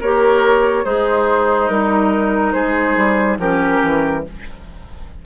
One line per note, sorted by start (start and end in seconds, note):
0.00 0.85 A#3
0.00 0.85 G4
0.00 0.84 A#4
0.00 0.85 C#5
0.84 1.69 G#3
0.84 2.53 D#4
0.84 1.70 G#4
0.84 1.68 C5
1.68 2.53 G3
1.68 3.39 D#4
1.68 2.52 A#4
2.52 2.96 G#3
2.52 3.37 G#4
2.52 3.37 C5
2.96 3.37 G3
3.37 3.80 F3
3.37 4.23 C#4
3.37 4.24 G4
3.37 4.24 A#4
3.83 4.25 E3